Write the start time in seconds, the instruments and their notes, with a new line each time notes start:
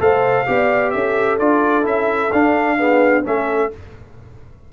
0.00 tuba A3, trombone A4, horn C5, trumpet F5
0.47 tuba B3, trombone G4, horn D5
0.91 tuba C#4, horn A4, trumpet E5
1.39 tuba D4, trombone F4, trumpet D5
1.83 tuba C#4, trombone E4, trumpet E5
2.32 tuba D4, trombone D4, trumpet F5
2.78 trombone B3, horn G#4
3.25 tuba A3, trombone C#4, horn A4, trumpet E5